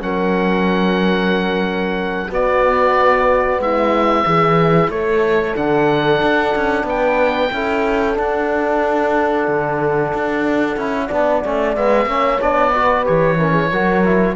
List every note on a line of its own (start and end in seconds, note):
0.00 2.30 F#3
0.00 2.28 C#4
0.00 2.29 A#4
0.00 2.31 F#5
2.29 3.59 B3
2.29 4.27 B3
2.29 3.60 F#4
2.29 3.62 D5
3.59 4.24 G#3
3.59 4.25 E4
3.59 4.91 E5
4.25 4.89 E3
4.25 5.55 E4
4.25 4.90 G#4
4.89 5.54 A3
4.89 6.87 A4
4.89 5.56 C#5
5.55 6.22 D3
5.55 7.51 D4
5.55 6.87 F#5
6.23 6.55 D4
6.56 6.84 C#4
6.84 7.49 B3
6.84 7.52 B4
6.84 8.19 G5
7.51 8.18 C#4
7.51 8.15 E4
7.51 11.07 A4
8.15 10.75 D4
8.15 9.48 D4
8.15 11.76 F#5
9.48 10.13 D3
10.14 10.77 D4
10.77 11.09 C#4
10.77 11.10 E4
11.07 11.44 B3
11.07 11.43 D4
11.07 12.04 D5
11.43 11.77 A3
11.43 11.75 C#4
11.75 12.06 G#3
11.75 12.07 B3
11.75 12.41 E5
12.06 12.39 A#3
12.06 12.40 C#4
12.06 12.72 C#5
12.41 13.07 B3
12.41 12.74 D4
12.41 13.06 D5
12.72 13.05 F#4
12.72 13.37 B4
13.05 13.71 E3
13.05 13.37 G4
13.05 14.36 C#5
13.38 13.71 C#4
13.38 13.52 A#4
13.52 13.68 G#4
13.71 14.36 F#3
13.71 14.05 F#4
13.71 14.36 A#4
14.05 14.36 E4